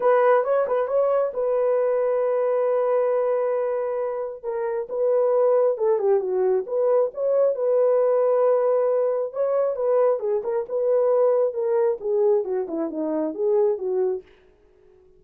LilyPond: \new Staff \with { instrumentName = "horn" } { \time 4/4 \tempo 4 = 135 b'4 cis''8 b'8 cis''4 b'4~ | b'1~ | b'2 ais'4 b'4~ | b'4 a'8 g'8 fis'4 b'4 |
cis''4 b'2.~ | b'4 cis''4 b'4 gis'8 ais'8 | b'2 ais'4 gis'4 | fis'8 e'8 dis'4 gis'4 fis'4 | }